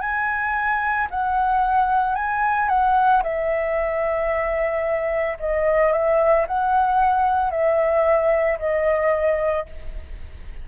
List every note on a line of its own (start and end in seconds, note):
0.00 1.07 G#5
1.10 2.15 F#5
2.15 2.68 G#5
2.68 3.22 F#5
3.22 5.37 E5
5.40 5.92 D#5
5.92 6.46 E5
6.47 7.50 F#5
7.50 8.58 E5
8.59 9.66 D#5